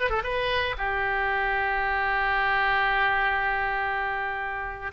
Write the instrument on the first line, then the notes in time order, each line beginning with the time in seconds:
oboe
0.00 B4
0.10 A4
0.23 B4
0.78 G4